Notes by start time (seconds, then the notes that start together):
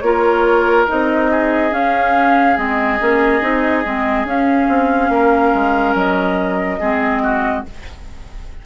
0.00 A#3 F4 A#4 C#5
0.87 C4 D#4 D#5
1.31 G#4
1.71 C#4 F5
2.56 G#3 C4 D#5
3.00 A#3 C#4
3.41 C4 D#4
3.85 G#3 C4
4.24 C#4 F5
4.68 C4
5.09 A#3 A#4
5.54 G#3
5.94 F#3 D#5
6.79 G#3 C4 G#4
7.23 F#4